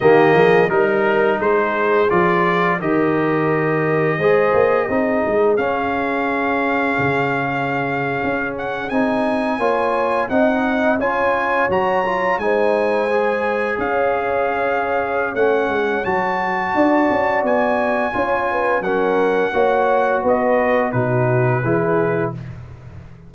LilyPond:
<<
  \new Staff \with { instrumentName = "trumpet" } { \time 4/4 \tempo 4 = 86 dis''4 ais'4 c''4 d''4 | dis''1 | f''1~ | f''16 fis''8 gis''2 fis''4 gis''16~ |
gis''8. ais''4 gis''2 f''16~ | f''2 fis''4 a''4~ | a''4 gis''2 fis''4~ | fis''4 dis''4 b'2 | }
  \new Staff \with { instrumentName = "horn" } { \time 4/4 g'8 gis'8 ais'4 gis'2 | ais'2 c''4 gis'4~ | gis'1~ | gis'4.~ gis'16 cis''4 dis''4 cis''16~ |
cis''4.~ cis''16 c''2 cis''16~ | cis''1 | d''2 cis''8 b'8 ais'4 | cis''4 b'4 fis'4 gis'4 | }
  \new Staff \with { instrumentName = "trombone" } { \time 4/4 ais4 dis'2 f'4 | g'2 gis'4 dis'4 | cis'1~ | cis'8. dis'4 f'4 dis'4 f'16~ |
f'8. fis'8 f'8 dis'4 gis'4~ gis'16~ | gis'2 cis'4 fis'4~ | fis'2 f'4 cis'4 | fis'2 dis'4 e'4 | }
  \new Staff \with { instrumentName = "tuba" } { \time 4/4 dis8 f8 g4 gis4 f4 | dis2 gis8 ais8 c'8 gis8 | cis'2 cis4.~ cis16 cis'16~ | cis'8. c'4 ais4 c'4 cis'16~ |
cis'8. fis4 gis2 cis'16~ | cis'2 a8 gis8 fis4 | d'8 cis'8 b4 cis'4 fis4 | ais4 b4 b,4 e4 | }
>>